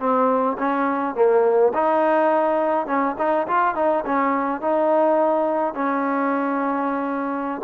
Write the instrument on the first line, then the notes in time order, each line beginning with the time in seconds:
trombone
0.00 C4
0.59 C#4
1.15 A#3
1.74 D#4
2.87 C#4
3.19 D#4
3.48 F4
3.76 D#4
4.06 C#4
4.62 D#4
5.75 C#4